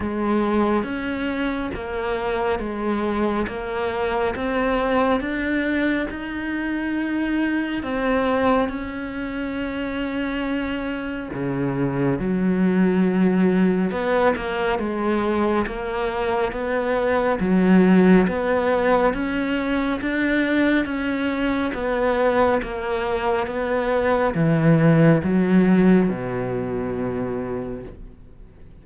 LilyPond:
\new Staff \with { instrumentName = "cello" } { \time 4/4 \tempo 4 = 69 gis4 cis'4 ais4 gis4 | ais4 c'4 d'4 dis'4~ | dis'4 c'4 cis'2~ | cis'4 cis4 fis2 |
b8 ais8 gis4 ais4 b4 | fis4 b4 cis'4 d'4 | cis'4 b4 ais4 b4 | e4 fis4 b,2 | }